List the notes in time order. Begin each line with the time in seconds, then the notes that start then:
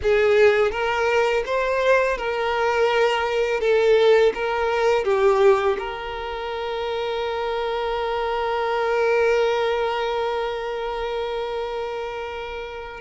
0.02 G#4
0.71 A#4
1.45 C5
2.17 A#4
3.60 A4
4.34 A#4
5.04 G4
5.78 A#4